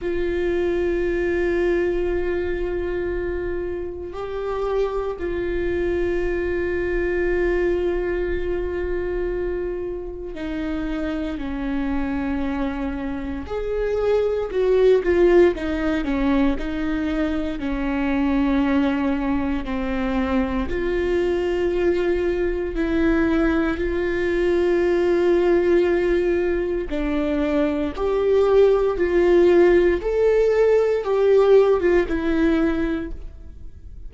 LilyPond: \new Staff \with { instrumentName = "viola" } { \time 4/4 \tempo 4 = 58 f'1 | g'4 f'2.~ | f'2 dis'4 cis'4~ | cis'4 gis'4 fis'8 f'8 dis'8 cis'8 |
dis'4 cis'2 c'4 | f'2 e'4 f'4~ | f'2 d'4 g'4 | f'4 a'4 g'8. f'16 e'4 | }